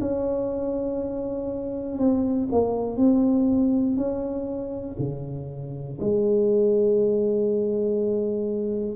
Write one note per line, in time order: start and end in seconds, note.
0.00 1.98 C#4
1.98 2.48 C4
2.51 2.96 A#3
2.96 3.96 C4
3.96 4.96 C#4
4.99 5.99 C#3
6.00 8.95 G#3